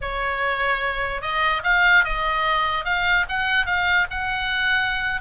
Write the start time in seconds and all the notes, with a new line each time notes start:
0.01 C#5
1.21 D#5
1.63 F5
2.04 D#5
2.84 F5
3.28 F#5
3.66 F5
4.10 F#5